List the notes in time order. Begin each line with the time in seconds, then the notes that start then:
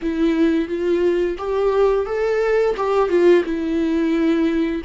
0.02 E4
0.68 F4
1.38 G4
2.06 A4
2.76 G4
3.09 F4
3.44 E4